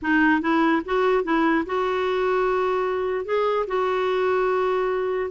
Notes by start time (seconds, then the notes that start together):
0.01 D#4
0.41 E4
0.85 F#4
1.24 E4
1.66 F#4
3.25 G#4
3.67 F#4